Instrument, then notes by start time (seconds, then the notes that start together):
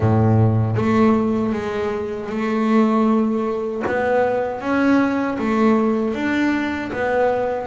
double bass
0.00 A2
0.76 A3
1.52 G#3
2.29 A3
3.86 B3
4.60 C#4
5.38 A3
6.14 D4
6.92 B3